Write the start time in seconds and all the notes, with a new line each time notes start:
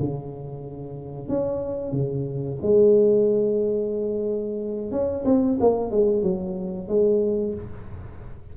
0.00 C#3
1.29 C#4
1.92 C#3
2.63 G#3
4.92 C#4
5.25 C4
5.60 A#3
5.91 G#3
6.23 F#3
6.88 G#3